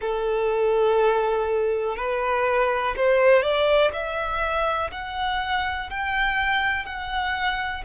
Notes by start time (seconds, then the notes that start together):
0.01 A4
1.96 B4
2.96 C5
3.42 D5
3.92 E5
4.91 F#5
5.90 G5
6.85 F#5